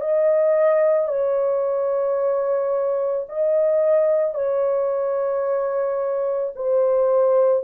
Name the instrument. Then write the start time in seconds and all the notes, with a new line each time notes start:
horn
0.00 D#5
1.08 C#5
3.29 D#5
4.34 C#5
6.56 C5